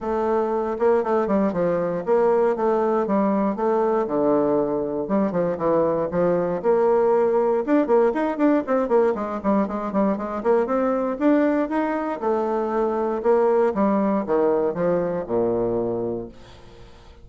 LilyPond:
\new Staff \with { instrumentName = "bassoon" } { \time 4/4 \tempo 4 = 118 a4. ais8 a8 g8 f4 | ais4 a4 g4 a4 | d2 g8 f8 e4 | f4 ais2 d'8 ais8 |
dis'8 d'8 c'8 ais8 gis8 g8 gis8 g8 | gis8 ais8 c'4 d'4 dis'4 | a2 ais4 g4 | dis4 f4 ais,2 | }